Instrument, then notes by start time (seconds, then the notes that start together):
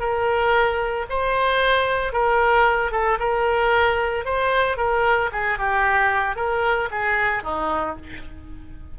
oboe
0.00 A#4
1.10 C5
2.13 A#4
2.92 A4
3.20 A#4
4.26 C5
4.77 A#4
5.33 G#4
5.59 G4
6.36 A#4
6.91 G#4
7.43 D#4